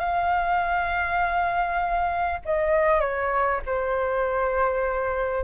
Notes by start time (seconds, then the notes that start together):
0.00 F5
2.45 D#5
3.00 C#5
3.66 C5